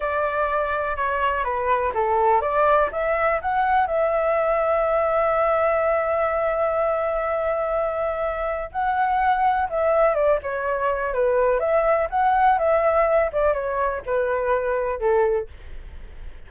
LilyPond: \new Staff \with { instrumentName = "flute" } { \time 4/4 \tempo 4 = 124 d''2 cis''4 b'4 | a'4 d''4 e''4 fis''4 | e''1~ | e''1~ |
e''2 fis''2 | e''4 d''8 cis''4. b'4 | e''4 fis''4 e''4. d''8 | cis''4 b'2 a'4 | }